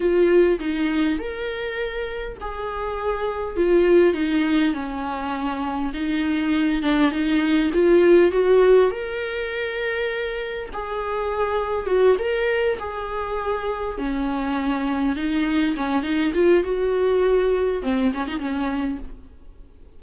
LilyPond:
\new Staff \with { instrumentName = "viola" } { \time 4/4 \tempo 4 = 101 f'4 dis'4 ais'2 | gis'2 f'4 dis'4 | cis'2 dis'4. d'8 | dis'4 f'4 fis'4 ais'4~ |
ais'2 gis'2 | fis'8 ais'4 gis'2 cis'8~ | cis'4. dis'4 cis'8 dis'8 f'8 | fis'2 c'8 cis'16 dis'16 cis'4 | }